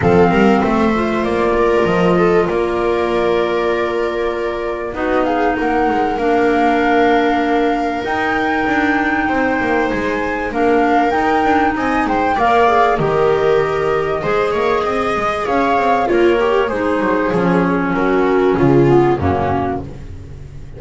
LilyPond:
<<
  \new Staff \with { instrumentName = "flute" } { \time 4/4 \tempo 4 = 97 f''4 e''4 d''4 dis''4 | d''1 | dis''8 f''8 fis''4 f''2~ | f''4 g''2. |
gis''4 f''4 g''4 gis''8 g''8 | f''4 dis''2.~ | dis''4 f''4 cis''4 c''4 | cis''4 ais'4 gis'4 fis'4 | }
  \new Staff \with { instrumentName = "viola" } { \time 4/4 a'8 ais'8 c''4. ais'4 a'8 | ais'1 | fis'8 gis'8 ais'2.~ | ais'2. c''4~ |
c''4 ais'2 dis''8 c''8 | d''4 ais'2 c''8 cis''8 | dis''4 cis''4 f'8 g'8 gis'4~ | gis'4 fis'4 f'4 cis'4 | }
  \new Staff \with { instrumentName = "clarinet" } { \time 4/4 c'4. f'2~ f'8~ | f'1 | dis'2 d'2~ | d'4 dis'2.~ |
dis'4 d'4 dis'2 | ais'8 gis'8 g'2 gis'4~ | gis'2 ais'4 dis'4 | cis'2~ cis'8 b8 ais4 | }
  \new Staff \with { instrumentName = "double bass" } { \time 4/4 f8 g8 a4 ais4 f4 | ais1 | b4 ais8 gis8 ais2~ | ais4 dis'4 d'4 c'8 ais8 |
gis4 ais4 dis'8 d'8 c'8 gis8 | ais4 dis2 gis8 ais8 | c'8 gis8 cis'8 c'8 ais4 gis8 fis8 | f4 fis4 cis4 fis,4 | }
>>